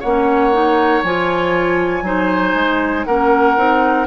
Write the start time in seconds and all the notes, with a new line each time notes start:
0.00 A#3 C#4 C#5 F#5
0.53 D#4
1.03 F3 F4 G#5
2.02 F#3 D#4 C5
2.55 G#3
3.05 A#3 C#4 A#4 F#5
3.57 C4 D#4